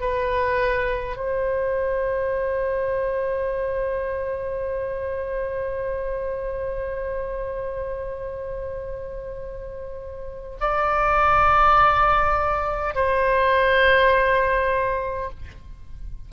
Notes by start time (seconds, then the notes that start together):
0.00 B4
1.16 C5
10.60 D5
12.95 C5